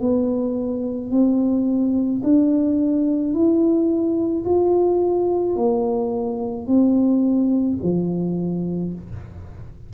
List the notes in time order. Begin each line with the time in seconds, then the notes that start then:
0.00 B3
1.11 C4
2.23 D4
3.33 E4
4.45 F4
5.56 A#3
6.67 C4
7.82 F3